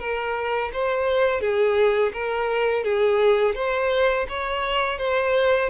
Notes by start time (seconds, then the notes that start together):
0.00 A#4
0.73 C5
1.41 G#4
2.13 A#4
2.84 G#4
3.56 C5
4.29 C#5
4.99 C5